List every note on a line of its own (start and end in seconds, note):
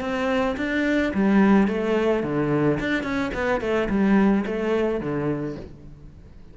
0.00 0.56 C4
0.57 1.12 D4
1.14 1.67 G3
1.67 2.23 A3
2.23 2.78 D3
2.80 3.03 D4
3.03 3.31 C#4
3.34 3.60 B3
3.60 3.88 A3
3.89 4.44 G3
4.45 5.00 A3
5.00 5.56 D3